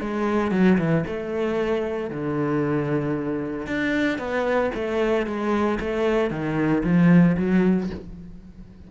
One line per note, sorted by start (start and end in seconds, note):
0.00 0.51 G#3
0.51 0.77 F#3
0.78 1.04 E3
1.06 2.10 A3
2.10 3.67 D3
3.67 4.18 D4
4.18 4.71 B3
4.74 5.26 A3
5.26 5.79 G#3
5.79 6.30 A3
6.30 6.83 D#3
6.83 7.36 F3
7.37 7.89 F#3